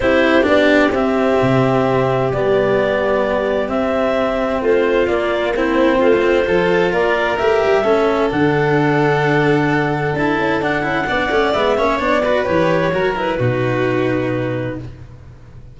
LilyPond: <<
  \new Staff \with { instrumentName = "clarinet" } { \time 4/4 \tempo 4 = 130 c''4 d''4 e''2~ | e''4 d''2. | e''2 c''4 d''4 | c''2. d''4 |
e''2 fis''2~ | fis''2 a''4 fis''4~ | fis''4 e''4 d''4 cis''4~ | cis''8 b'2.~ b'8 | }
  \new Staff \with { instrumentName = "violin" } { \time 4/4 g'1~ | g'1~ | g'2 f'2 | e'4 f'4 a'4 ais'4~ |
ais'4 a'2.~ | a'1 | d''4. cis''4 b'4. | ais'4 fis'2. | }
  \new Staff \with { instrumentName = "cello" } { \time 4/4 e'4 d'4 c'2~ | c'4 b2. | c'2. ais4 | c'4~ c'16 a16 c'8 f'2 |
g'4 cis'4 d'2~ | d'2 e'4 d'8 e'8 | d'8 cis'8 b8 cis'8 d'8 fis'8 g'4 | fis'8 e'8 dis'2. | }
  \new Staff \with { instrumentName = "tuba" } { \time 4/4 c'4 b4 c'4 c4~ | c4 g2. | c'2 a4 ais4~ | ais4 a4 f4 ais4 |
a8 g8 a4 d2~ | d2 d'8 cis'8 d'8 cis'8 | b8 a8 gis8 ais8 b4 e4 | fis4 b,2. | }
>>